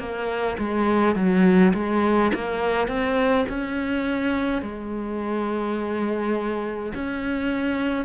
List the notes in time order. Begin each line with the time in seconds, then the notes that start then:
0.00 A#3
0.59 G#3
1.15 F#3
1.74 G#3
2.34 A#3
2.88 C4
3.49 C#4
4.62 G#3
6.95 C#4